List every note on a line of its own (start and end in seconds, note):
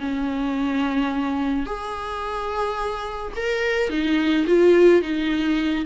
0.00 1.66 C#4
1.66 3.33 G#4
3.36 3.89 A#4
3.89 4.45 D#4
4.46 5.02 F4
5.02 5.85 D#4